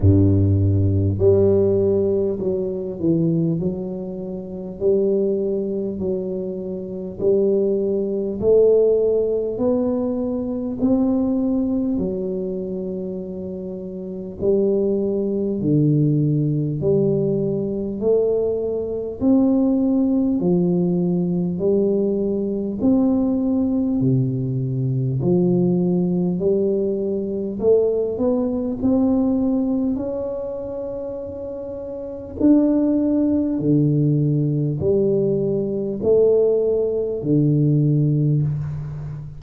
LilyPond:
\new Staff \with { instrumentName = "tuba" } { \time 4/4 \tempo 4 = 50 g,4 g4 fis8 e8 fis4 | g4 fis4 g4 a4 | b4 c'4 fis2 | g4 d4 g4 a4 |
c'4 f4 g4 c'4 | c4 f4 g4 a8 b8 | c'4 cis'2 d'4 | d4 g4 a4 d4 | }